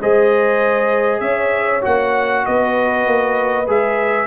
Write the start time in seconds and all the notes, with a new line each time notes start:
0.00 G#3 G#4 C5 D#5
1.20 C#4 C#5 E5
1.81 A#3 F#4 F#5
2.46 B3 B4 D#5
3.06 A#3
3.67 G#3 G#4 E5